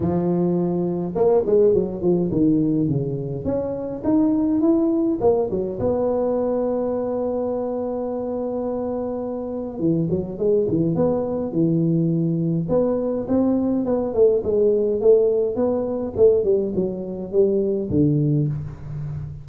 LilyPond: \new Staff \with { instrumentName = "tuba" } { \time 4/4 \tempo 4 = 104 f2 ais8 gis8 fis8 f8 | dis4 cis4 cis'4 dis'4 | e'4 ais8 fis8 b2~ | b1~ |
b4 e8 fis8 gis8 e8 b4 | e2 b4 c'4 | b8 a8 gis4 a4 b4 | a8 g8 fis4 g4 d4 | }